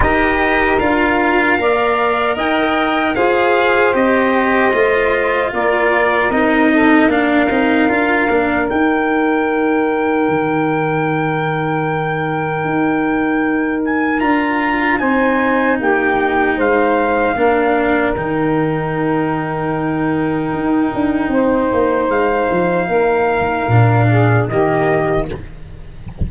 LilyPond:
<<
  \new Staff \with { instrumentName = "trumpet" } { \time 4/4 \tempo 4 = 76 dis''4 f''2 g''4 | f''4 dis''2 d''4 | dis''4 f''2 g''4~ | g''1~ |
g''4. gis''8 ais''4 gis''4 | g''4 f''2 g''4~ | g''1 | f''2. dis''4 | }
  \new Staff \with { instrumentName = "saxophone" } { \time 4/4 ais'2 d''4 dis''4 | c''2. ais'4~ | ais'8 a'8 ais'2.~ | ais'1~ |
ais'2. c''4 | g'4 c''4 ais'2~ | ais'2. c''4~ | c''4 ais'4. gis'8 g'4 | }
  \new Staff \with { instrumentName = "cello" } { \time 4/4 g'4 f'4 ais'2 | gis'4 g'4 f'2 | dis'4 d'8 dis'8 f'8 d'8 dis'4~ | dis'1~ |
dis'2 f'4 dis'4~ | dis'2 d'4 dis'4~ | dis'1~ | dis'2 d'4 ais4 | }
  \new Staff \with { instrumentName = "tuba" } { \time 4/4 dis'4 d'4 ais4 dis'4 | f'4 c'4 a4 ais4 | c'4 ais8 c'8 d'8 ais8 dis'4~ | dis'4 dis2. |
dis'2 d'4 c'4 | ais4 gis4 ais4 dis4~ | dis2 dis'8 d'8 c'8 ais8 | gis8 f8 ais4 ais,4 dis4 | }
>>